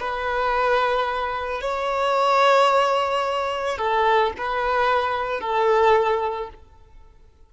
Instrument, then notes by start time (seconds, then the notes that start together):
violin
0.00 B4
1.61 C#5
3.78 A4
4.38 B4
5.41 A4